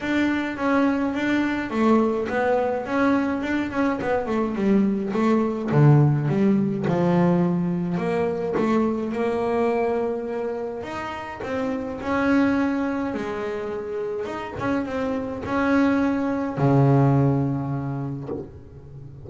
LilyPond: \new Staff \with { instrumentName = "double bass" } { \time 4/4 \tempo 4 = 105 d'4 cis'4 d'4 a4 | b4 cis'4 d'8 cis'8 b8 a8 | g4 a4 d4 g4 | f2 ais4 a4 |
ais2. dis'4 | c'4 cis'2 gis4~ | gis4 dis'8 cis'8 c'4 cis'4~ | cis'4 cis2. | }